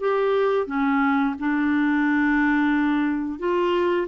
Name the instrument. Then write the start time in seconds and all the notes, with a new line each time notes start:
clarinet
0.00 G4
0.67 C#4
1.39 D4
3.39 F4